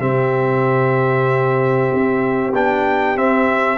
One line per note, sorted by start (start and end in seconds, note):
0.00 1.89 C3
0.00 2.53 C4
0.00 3.78 G4
0.00 2.54 E5
1.93 2.54 C4
2.54 3.16 B3
2.54 3.17 D4
2.54 3.18 G5
3.16 3.78 C4
3.16 3.78 E5